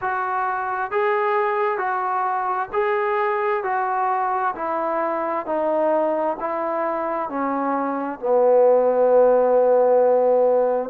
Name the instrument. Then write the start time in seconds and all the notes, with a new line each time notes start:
trombone
0.01 F#4
0.91 G#4
1.77 F#4
2.72 G#4
3.63 F#4
4.55 E4
5.45 D#4
6.40 E4
7.29 C#4
8.19 B3